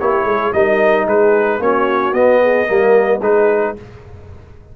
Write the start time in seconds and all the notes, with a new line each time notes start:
0.00 A#3 E4 G4 C#5
0.24 G#3 G#4
0.53 G3 D#4 A#4 D#5
1.06 G#3 G#4 B4
1.59 A#3 C#4 F#4 C#5
2.13 B3 D#5
2.42 G#4
2.67 G3 A#3 A#4
3.19 G#3 D#4 G#4 B4